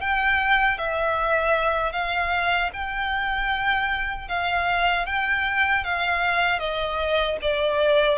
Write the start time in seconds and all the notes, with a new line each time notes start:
0.00 G5
0.78 E5
1.92 F5
2.73 G5
4.28 F5
5.06 G5
5.84 F5
6.59 D#5
7.41 D5